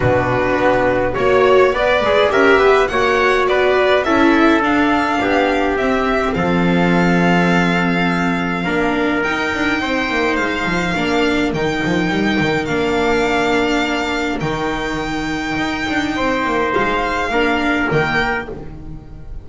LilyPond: <<
  \new Staff \with { instrumentName = "violin" } { \time 4/4 \tempo 4 = 104 b'2 cis''4 d''4 | e''4 fis''4 d''4 e''4 | f''2 e''4 f''4~ | f''1 |
g''2 f''2 | g''2 f''2~ | f''4 g''2.~ | g''4 f''2 g''4 | }
  \new Staff \with { instrumentName = "trumpet" } { \time 4/4 fis'2 cis''4 d''8 gis'8 | ais'8 b'8 cis''4 b'4 a'4~ | a'4 g'2 a'4~ | a'2. ais'4~ |
ais'4 c''2 ais'4~ | ais'1~ | ais'1 | c''2 ais'2 | }
  \new Staff \with { instrumentName = "viola" } { \time 4/4 d'2 fis'4 b'4 | g'4 fis'2 e'4 | d'2 c'2~ | c'2. d'4 |
dis'2. d'4 | dis'2 d'2~ | d'4 dis'2.~ | dis'2 d'4 ais4 | }
  \new Staff \with { instrumentName = "double bass" } { \time 4/4 b,4 b4 ais4 b8 gis8 | cis'8 b8 ais4 b4 cis'4 | d'4 b4 c'4 f4~ | f2. ais4 |
dis'8 d'8 c'8 ais8 gis8 f8 ais4 | dis8 f8 g8 dis8 ais2~ | ais4 dis2 dis'8 d'8 | c'8 ais8 gis4 ais4 dis4 | }
>>